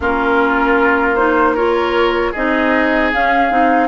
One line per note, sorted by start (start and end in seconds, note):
0.00 2.32 A#3
0.00 1.17 C#4
0.00 1.54 F4
0.00 1.15 A#4
1.15 1.56 D#4
1.15 1.54 C5
1.54 2.34 F4
1.54 2.31 A#4
1.54 2.33 C#5
2.31 3.13 C4
2.31 3.13 D#4
2.31 3.87 G#4
2.31 3.11 D#5
3.13 3.50 C#4
3.13 3.88 F5
3.50 3.88 C4
3.50 3.88 D#4